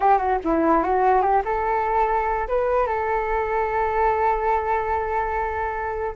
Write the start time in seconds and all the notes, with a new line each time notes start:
0.00 G4
0.18 F#4
0.43 E4
0.83 F#4
1.21 G4
1.44 A4
2.48 B4
2.86 A4